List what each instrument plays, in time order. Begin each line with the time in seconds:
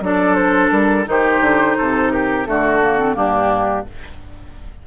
0.00 bassoon F#3, clarinet D4, oboe A4, flute D5
0.34 flute C5
0.70 bassoon G3, flute A#4
1.05 bassoon D#3, clarinet D#4, oboe G4, flute C5
1.40 bassoon D3
1.77 bassoon C3, oboe A4
2.10 oboe G4, flute A#4
2.45 bassoon D3, clarinet A3, oboe F#4, flute A4
2.81 clarinet A#3
2.98 clarinet C4
3.14 bassoon G2, clarinet A#3, oboe D4, flute G4